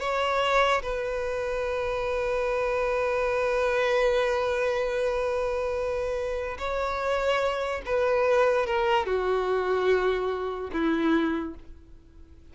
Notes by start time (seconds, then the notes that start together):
0.00 C#5
0.82 B4
6.58 C#5
7.85 B4
8.66 A#4
9.06 F#4
10.72 E4